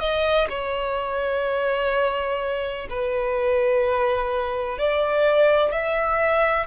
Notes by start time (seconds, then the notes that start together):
0.00 D#5
0.50 C#5
2.90 B4
4.79 D5
5.72 E5